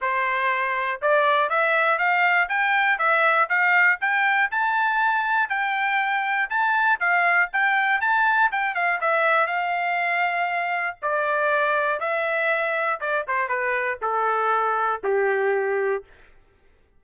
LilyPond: \new Staff \with { instrumentName = "trumpet" } { \time 4/4 \tempo 4 = 120 c''2 d''4 e''4 | f''4 g''4 e''4 f''4 | g''4 a''2 g''4~ | g''4 a''4 f''4 g''4 |
a''4 g''8 f''8 e''4 f''4~ | f''2 d''2 | e''2 d''8 c''8 b'4 | a'2 g'2 | }